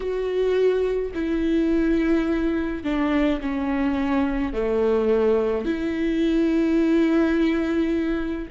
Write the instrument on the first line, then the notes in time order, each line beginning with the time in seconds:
viola
0.00 F#4
1.14 E4
2.83 D4
3.40 C#4
4.53 A3
5.64 E4